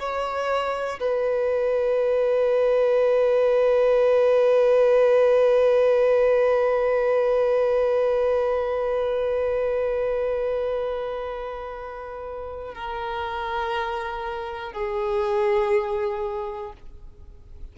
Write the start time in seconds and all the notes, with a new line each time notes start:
0.00 C#5
1.00 B4
12.75 A#4
14.73 G#4